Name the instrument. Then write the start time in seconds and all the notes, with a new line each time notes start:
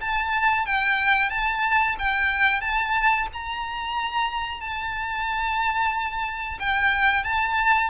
violin
0.00 A5
0.65 G5
1.30 A5
1.98 G5
2.60 A5
3.33 A#5
4.60 A5
6.59 G5
7.23 A5